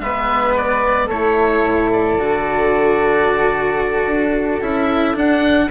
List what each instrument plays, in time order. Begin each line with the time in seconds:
0.00 bassoon G#3, cello B3, flute B4, oboe E5
0.57 oboe D5
1.07 bassoon A3, cello E4, flute A4, oboe C#5
1.64 bassoon A2
1.93 oboe D5
2.19 bassoon D3, cello F#4
4.06 bassoon D4
4.62 bassoon C#4, cello E4, oboe E5
5.14 cello D4, bassoon D4, oboe F#5